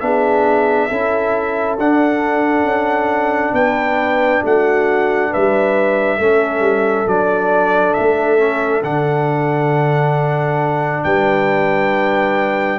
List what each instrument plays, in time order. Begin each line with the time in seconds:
0.00 tuba B3, trombone D4, horn G#4, trumpet E5
0.89 tuba C#4, trombone E4, horn A4
1.78 tuba D4, trombone D4, trumpet F#5
2.63 tuba C#4
3.53 tuba B3, horn B4, trumpet G5
4.44 tuba A3, horn F#4, trumpet F#5
5.30 tuba G3, horn B4, trumpet E5
6.17 tuba A3, trombone C#4, horn A4
6.60 tuba G3
7.06 tuba F#3, trombone D4, trumpet D5
7.93 tuba A3, trumpet E5
8.38 trombone C#4
8.83 tuba D3, trombone D4, trumpet F#5
11.03 tuba G3, horn B4, trumpet G5